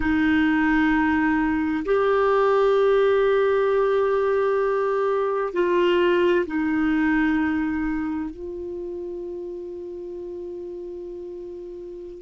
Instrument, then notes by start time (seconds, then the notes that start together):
clarinet
0.00 D#4
1.85 G4
5.53 F4
6.46 D#4
8.30 F4